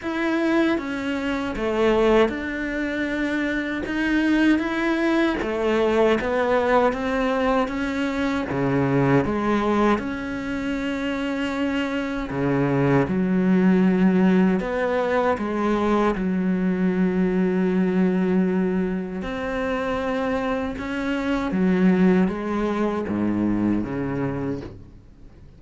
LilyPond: \new Staff \with { instrumentName = "cello" } { \time 4/4 \tempo 4 = 78 e'4 cis'4 a4 d'4~ | d'4 dis'4 e'4 a4 | b4 c'4 cis'4 cis4 | gis4 cis'2. |
cis4 fis2 b4 | gis4 fis2.~ | fis4 c'2 cis'4 | fis4 gis4 gis,4 cis4 | }